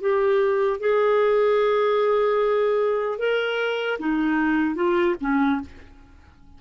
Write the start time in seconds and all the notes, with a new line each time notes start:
0.00 G4
0.80 G#4
3.18 A#4
3.99 D#4
4.75 F4
5.20 C#4